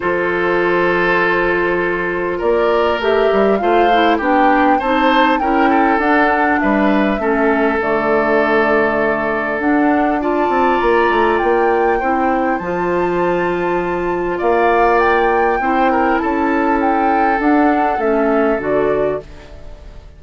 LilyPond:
<<
  \new Staff \with { instrumentName = "flute" } { \time 4/4 \tempo 4 = 100 c''1 | d''4 e''4 f''4 g''4 | a''4 g''4 fis''4 e''4~ | e''4 d''2. |
fis''4 a''4 ais''4 g''4~ | g''4 a''2. | f''4 g''2 a''4 | g''4 fis''4 e''4 d''4 | }
  \new Staff \with { instrumentName = "oboe" } { \time 4/4 a'1 | ais'2 c''4 g'4 | c''4 ais'8 a'4. b'4 | a'1~ |
a'4 d''2. | c''1 | d''2 c''8 ais'8 a'4~ | a'1 | }
  \new Staff \with { instrumentName = "clarinet" } { \time 4/4 f'1~ | f'4 g'4 f'8 e'8 d'4 | dis'4 e'4 d'2 | cis'4 a2. |
d'4 f'2. | e'4 f'2.~ | f'2 e'2~ | e'4 d'4 cis'4 fis'4 | }
  \new Staff \with { instrumentName = "bassoon" } { \time 4/4 f1 | ais4 a8 g8 a4 b4 | c'4 cis'4 d'4 g4 | a4 d2. |
d'4. c'8 ais8 a8 ais4 | c'4 f2. | ais2 c'4 cis'4~ | cis'4 d'4 a4 d4 | }
>>